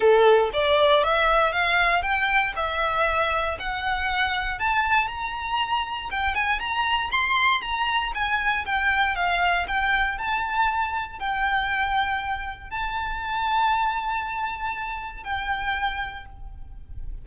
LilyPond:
\new Staff \with { instrumentName = "violin" } { \time 4/4 \tempo 4 = 118 a'4 d''4 e''4 f''4 | g''4 e''2 fis''4~ | fis''4 a''4 ais''2 | g''8 gis''8 ais''4 c'''4 ais''4 |
gis''4 g''4 f''4 g''4 | a''2 g''2~ | g''4 a''2.~ | a''2 g''2 | }